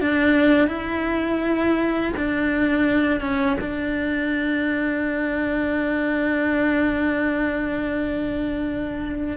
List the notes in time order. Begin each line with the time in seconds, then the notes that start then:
0.00 D4
0.67 E4
2.16 D4
3.20 C#4
3.60 D4